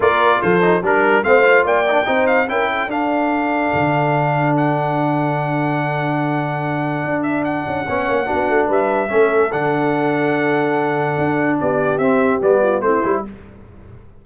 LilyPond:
<<
  \new Staff \with { instrumentName = "trumpet" } { \time 4/4 \tempo 4 = 145 d''4 c''4 ais'4 f''4 | g''4. f''8 g''4 f''4~ | f''2. fis''4~ | fis''1~ |
fis''4. e''8 fis''2~ | fis''4 e''2 fis''4~ | fis''1 | d''4 e''4 d''4 c''4 | }
  \new Staff \with { instrumentName = "horn" } { \time 4/4 ais'4 a'4 ais'4 c''4 | d''4 c''4 ais'8 a'4.~ | a'1~ | a'1~ |
a'2. cis''4 | fis'4 b'4 a'2~ | a'1 | g'2~ g'8 f'8 e'4 | }
  \new Staff \with { instrumentName = "trombone" } { \time 4/4 f'4. dis'8 d'4 c'8 f'8~ | f'8 dis'16 d'16 dis'4 e'4 d'4~ | d'1~ | d'1~ |
d'2. cis'4 | d'2 cis'4 d'4~ | d'1~ | d'4 c'4 b4 c'8 e'8 | }
  \new Staff \with { instrumentName = "tuba" } { \time 4/4 ais4 f4 g4 a4 | ais4 c'4 cis'4 d'4~ | d'4 d2.~ | d1~ |
d4 d'4. cis'8 b8 ais8 | b8 a8 g4 a4 d4~ | d2. d'4 | b4 c'4 g4 a8 g8 | }
>>